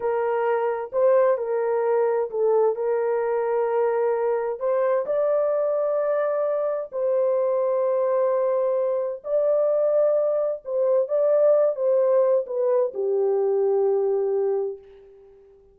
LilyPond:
\new Staff \with { instrumentName = "horn" } { \time 4/4 \tempo 4 = 130 ais'2 c''4 ais'4~ | ais'4 a'4 ais'2~ | ais'2 c''4 d''4~ | d''2. c''4~ |
c''1 | d''2. c''4 | d''4. c''4. b'4 | g'1 | }